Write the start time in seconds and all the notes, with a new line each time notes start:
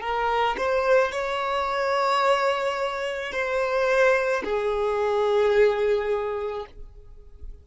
0.00 A#4
0.57 C5
1.11 C#5
3.32 C5
4.44 G#4